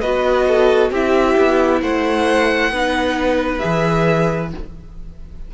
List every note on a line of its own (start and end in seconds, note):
0.00 0.90 B3
0.00 0.92 F#4
0.00 0.46 B4
0.00 0.90 D#5
0.48 0.91 A4
0.90 1.35 C4
0.90 2.72 E4
0.90 1.81 G4
0.90 1.82 E5
1.37 1.81 B3
1.81 2.70 A3
1.81 2.71 C5
1.81 3.58 F#5
2.70 3.60 B3
2.70 3.59 D#4
2.70 4.51 B4
3.58 4.53 E3
3.58 4.49 G#4
3.58 4.48 E5